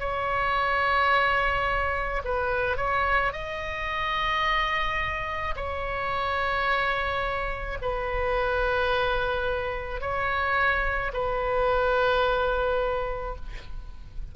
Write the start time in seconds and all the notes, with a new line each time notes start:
0.00 C#5
2.25 B4
2.77 C#5
3.33 D#5
5.57 C#5
7.82 B4
10.01 C#5
11.14 B4